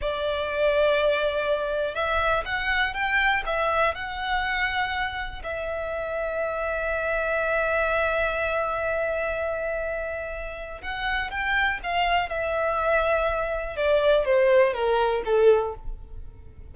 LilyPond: \new Staff \with { instrumentName = "violin" } { \time 4/4 \tempo 4 = 122 d''1 | e''4 fis''4 g''4 e''4 | fis''2. e''4~ | e''1~ |
e''1~ | e''2 fis''4 g''4 | f''4 e''2. | d''4 c''4 ais'4 a'4 | }